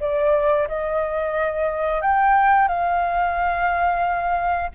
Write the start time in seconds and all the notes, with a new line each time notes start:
0.00 D5
0.68 D#5
2.01 G5
2.68 F5